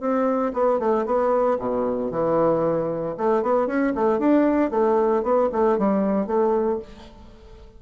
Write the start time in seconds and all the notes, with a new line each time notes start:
0.00 C4
0.53 B3
0.79 A3
1.06 B3
1.59 B2
2.11 E3
3.18 A3
3.43 B3
3.67 C#4
3.95 A3
4.19 D4
4.71 A3
5.23 B3
5.52 A3
5.78 G3
6.27 A3